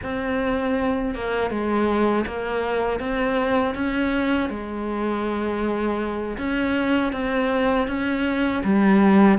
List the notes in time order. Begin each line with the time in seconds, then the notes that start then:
0.02 C4
1.15 A#3
1.50 G#3
2.26 A#3
2.99 C4
3.74 C#4
4.49 G#3
6.37 C#4
7.12 C4
7.88 C#4
8.64 G3